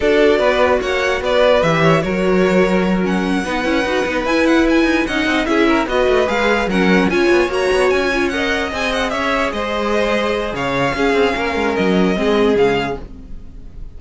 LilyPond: <<
  \new Staff \with { instrumentName = "violin" } { \time 4/4 \tempo 4 = 148 d''2 fis''4 d''4 | e''4 cis''2~ cis''8 fis''8~ | fis''2~ fis''8 gis''8 fis''8 gis''8~ | gis''8 fis''4 e''4 dis''4 f''8~ |
f''8 fis''4 gis''4 ais''4 gis''8~ | gis''8 fis''4 gis''8 fis''8 e''4 dis''8~ | dis''2 f''2~ | f''4 dis''2 f''4 | }
  \new Staff \with { instrumentName = "violin" } { \time 4/4 a'4 b'4 cis''4 b'4~ | b'8 cis''8 ais'2.~ | ais'8 b'2.~ b'8~ | b'8 dis''4 gis'8 ais'8 b'4.~ |
b'8 ais'4 cis''2~ cis''8~ | cis''8 dis''2 cis''4 c''8~ | c''2 cis''4 gis'4 | ais'2 gis'2 | }
  \new Staff \with { instrumentName = "viola" } { \time 4/4 fis'1 | g'4 fis'2~ fis'8 cis'8~ | cis'8 dis'8 e'8 fis'8 dis'8 e'4.~ | e'8 dis'4 e'4 fis'4 gis'8~ |
gis'8 cis'4 f'4 fis'4. | f'8 ais'4 gis'2~ gis'8~ | gis'2. cis'4~ | cis'2 c'4 gis4 | }
  \new Staff \with { instrumentName = "cello" } { \time 4/4 d'4 b4 ais4 b4 | e4 fis2.~ | fis8 b8 cis'8 dis'8 b8 e'4. | dis'8 cis'8 c'8 cis'4 b8 a8 gis8~ |
gis8 fis4 cis'8 b8 ais8 b8 cis'8~ | cis'4. c'4 cis'4 gis8~ | gis2 cis4 cis'8 c'8 | ais8 gis8 fis4 gis4 cis4 | }
>>